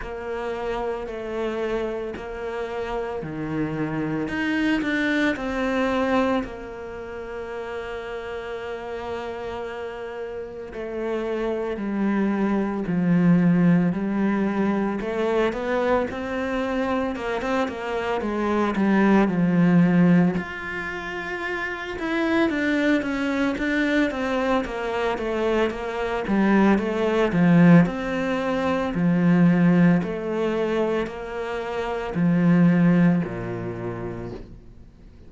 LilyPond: \new Staff \with { instrumentName = "cello" } { \time 4/4 \tempo 4 = 56 ais4 a4 ais4 dis4 | dis'8 d'8 c'4 ais2~ | ais2 a4 g4 | f4 g4 a8 b8 c'4 |
ais16 c'16 ais8 gis8 g8 f4 f'4~ | f'8 e'8 d'8 cis'8 d'8 c'8 ais8 a8 | ais8 g8 a8 f8 c'4 f4 | a4 ais4 f4 ais,4 | }